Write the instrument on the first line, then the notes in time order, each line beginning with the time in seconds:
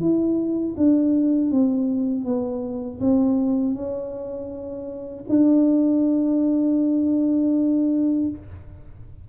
tuba
0.00 E4
0.77 D4
1.51 C4
2.25 B3
3.00 C4
3.74 C#4
5.29 D4